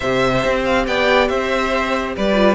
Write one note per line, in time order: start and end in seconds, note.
0.00 0.44 C3
0.00 2.33 G4
0.00 0.85 C5
0.00 0.60 E5
0.44 0.87 C4
0.65 0.86 F5
0.87 1.29 B3
0.87 1.29 D5
0.87 1.28 G5
1.28 2.15 C4
1.28 2.15 C5
1.28 2.13 E5
2.15 2.55 G3
2.15 2.55 B4
2.15 2.55 D5
2.33 2.54 F4